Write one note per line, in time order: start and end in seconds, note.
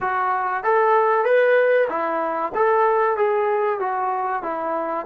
0.01 0.63 F#4
0.63 1.25 A4
1.25 1.88 B4
1.89 2.52 E4
2.54 3.17 A4
3.17 3.79 G#4
3.79 4.42 F#4
4.42 5.06 E4